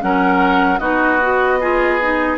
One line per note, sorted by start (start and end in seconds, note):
0.00 0.80 F#3
0.00 0.79 C#4
0.00 0.80 A#4
0.00 0.79 F#5
0.79 2.38 B3
0.79 1.19 D#4
0.79 1.59 F#4
0.79 2.37 D#5
1.22 1.61 F#4
1.61 2.00 F4
1.61 2.38 G#4
2.01 2.38 D#4